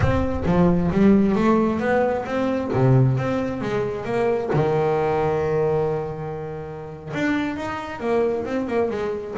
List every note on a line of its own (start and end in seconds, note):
0.00 0.43 C4
0.45 0.90 F3
0.91 1.35 G3
1.35 1.79 A3
1.79 2.24 B3
2.25 2.70 C4
2.73 3.17 C3
3.17 3.61 C4
3.61 4.05 G#3
4.05 4.50 A#3
4.53 7.12 D#3
7.13 7.56 D4
7.56 8.00 D#4
8.00 8.45 A#3
8.45 8.67 C4
8.67 8.90 A#3
8.90 9.35 G#3